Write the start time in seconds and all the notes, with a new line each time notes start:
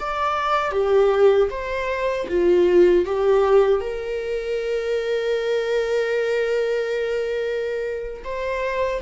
0.00 D5
0.72 G4
1.50 C5
2.29 F4
3.06 G4
3.81 A#4
8.24 C5